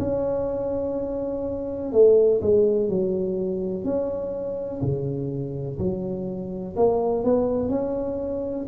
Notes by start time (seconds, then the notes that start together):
0.00 C#4
1.93 A3
2.42 G#3
2.89 F#3
3.84 C#4
4.82 C#3
5.79 F#3
6.77 A#3
7.24 B3
7.69 C#4